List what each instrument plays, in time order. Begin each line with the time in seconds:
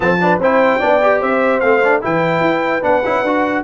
0.00 tuba F3, trombone C4, horn A4, trumpet A5
0.20 trombone D4, horn B4
0.38 tuba C4, trombone E4, horn C5, trumpet G5
0.79 tuba B3, trombone D4, horn D5
1.02 trombone G4
1.20 tuba C4, horn C5, trumpet E5
1.60 tuba A3, trombone C4, trumpet F5
1.84 trombone D4
2.01 tuba E3, trombone E4, horn B4, trumpet G5
2.40 tuba E4
2.82 tuba B3, trombone D4, trumpet F#5
3.04 tuba C#4, trombone E4
3.22 tuba D4, trombone F#4